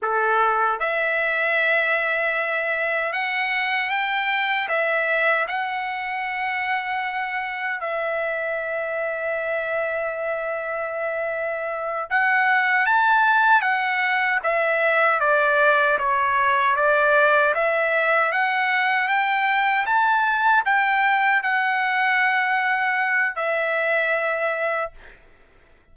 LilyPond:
\new Staff \with { instrumentName = "trumpet" } { \time 4/4 \tempo 4 = 77 a'4 e''2. | fis''4 g''4 e''4 fis''4~ | fis''2 e''2~ | e''2.~ e''8 fis''8~ |
fis''8 a''4 fis''4 e''4 d''8~ | d''8 cis''4 d''4 e''4 fis''8~ | fis''8 g''4 a''4 g''4 fis''8~ | fis''2 e''2 | }